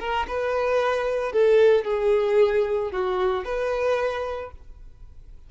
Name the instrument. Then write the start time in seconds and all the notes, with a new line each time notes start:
violin
0.00 A#4
0.28 B4
1.33 A4
1.85 G#4
2.92 F#4
3.45 B4